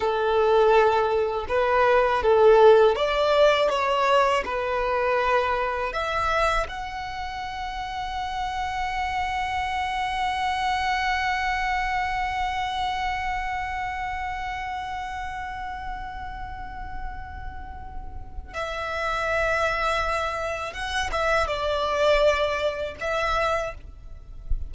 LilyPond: \new Staff \with { instrumentName = "violin" } { \time 4/4 \tempo 4 = 81 a'2 b'4 a'4 | d''4 cis''4 b'2 | e''4 fis''2.~ | fis''1~ |
fis''1~ | fis''1~ | fis''4 e''2. | fis''8 e''8 d''2 e''4 | }